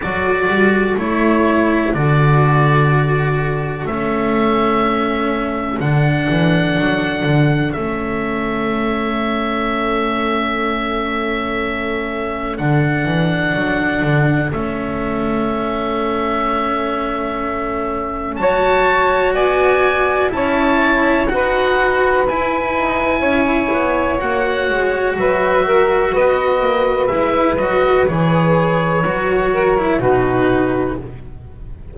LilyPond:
<<
  \new Staff \with { instrumentName = "oboe" } { \time 4/4 \tempo 4 = 62 d''4 cis''4 d''2 | e''2 fis''2 | e''1~ | e''4 fis''2 e''4~ |
e''2. a''4 | gis''4 a''4 fis''4 gis''4~ | gis''4 fis''4 e''4 dis''4 | e''8 dis''8 cis''2 b'4 | }
  \new Staff \with { instrumentName = "saxophone" } { \time 4/4 a'1~ | a'1~ | a'1~ | a'1~ |
a'2. cis''4 | d''4 cis''4 b'2 | cis''2 b'8 ais'8 b'4~ | b'2~ b'8 ais'8 fis'4 | }
  \new Staff \with { instrumentName = "cello" } { \time 4/4 fis'4 e'4 fis'2 | cis'2 d'2 | cis'1~ | cis'4 d'2 cis'4~ |
cis'2. fis'4~ | fis'4 e'4 fis'4 e'4~ | e'4 fis'2. | e'8 fis'8 gis'4 fis'8. e'16 dis'4 | }
  \new Staff \with { instrumentName = "double bass" } { \time 4/4 fis8 g8 a4 d2 | a2 d8 e8 fis8 d8 | a1~ | a4 d8 e8 fis8 d8 a4~ |
a2. fis4 | b4 cis'4 dis'4 e'8 dis'8 | cis'8 b8 ais8 gis8 fis4 b8 ais8 | gis8 fis8 e4 fis4 b,4 | }
>>